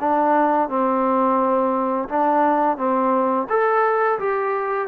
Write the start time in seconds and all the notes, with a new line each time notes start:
0.00 D4
0.69 C4
2.09 D4
2.77 C4
3.49 A4
4.19 G4